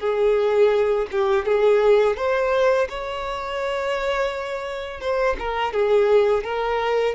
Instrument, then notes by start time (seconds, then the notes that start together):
violin
0.00 G#4
1.12 G4
1.46 G#4
2.17 C5
2.89 C#5
5.01 C5
5.39 A#4
5.73 G#4
6.44 A#4